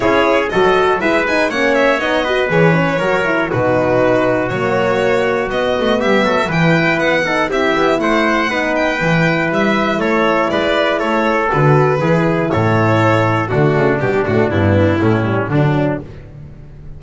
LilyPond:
<<
  \new Staff \with { instrumentName = "violin" } { \time 4/4 \tempo 4 = 120 cis''4 dis''4 e''8 gis''8 fis''8 e''8 | dis''4 cis''2 b'4~ | b'4 cis''2 dis''4 | e''4 g''4 fis''4 e''4 |
fis''4. g''4. e''4 | cis''4 d''4 cis''4 b'4~ | b'4 cis''2 fis'4 | g'8 fis'8 e'2 d'4 | }
  \new Staff \with { instrumentName = "trumpet" } { \time 4/4 gis'4 a'4 b'4 cis''4~ | cis''8 b'4. ais'4 fis'4~ | fis'1 | g'8 a'8 b'4. a'8 g'4 |
c''4 b'2. | a'4 b'4 a'2 | gis'4 a'2 d'4~ | d'2 cis'4 d'4 | }
  \new Staff \with { instrumentName = "horn" } { \time 4/4 e'4 fis'4 e'8 dis'8 cis'4 | dis'8 fis'8 gis'8 cis'8 fis'8 e'8 dis'4~ | dis'4 ais2 b4~ | b4 e'4. dis'8 e'4~ |
e'4 dis'4 e'2~ | e'2. fis'4 | e'2. a4 | g8 a8 b4 a8 g8 fis4 | }
  \new Staff \with { instrumentName = "double bass" } { \time 4/4 cis'4 fis4 gis4 ais4 | b4 e4 fis4 b,4~ | b,4 fis2 b8 a8 | g8 fis8 e4 b4 c'8 b8 |
a4 b4 e4 g4 | a4 gis4 a4 d4 | e4 a,2 d8 cis8 | b,8 a,8 g,4 a,4 d4 | }
>>